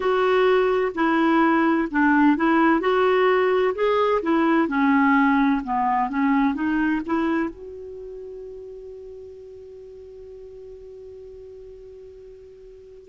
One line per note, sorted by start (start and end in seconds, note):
0.00 0.92 F#4
0.94 1.88 E4
1.90 2.37 D4
2.37 2.80 E4
2.80 3.74 F#4
3.75 4.21 G#4
4.22 4.67 E4
4.67 5.61 C#4
5.63 6.09 B3
6.09 6.54 C#4
6.54 7.01 D#4
7.06 7.49 E4
7.49 13.09 F#4